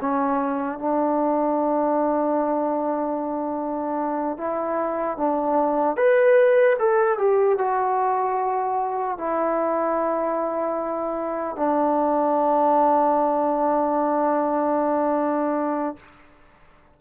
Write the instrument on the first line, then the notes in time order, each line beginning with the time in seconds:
trombone
0.00 C#4
0.78 D4
4.37 E4
5.17 D4
5.96 B4
6.79 A4
7.18 G4
7.58 F#4
9.17 E4
11.56 D4